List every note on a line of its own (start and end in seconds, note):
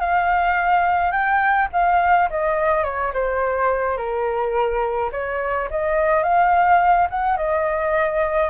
0.00 1.12 F5
1.12 1.69 G5
1.73 2.30 F5
2.30 2.84 D#5
2.84 3.12 C#5
3.14 3.98 C5
3.98 5.11 A#4
5.13 5.69 C#5
5.71 6.24 D#5
6.24 7.09 F5
7.10 7.37 F#5
7.37 8.50 D#5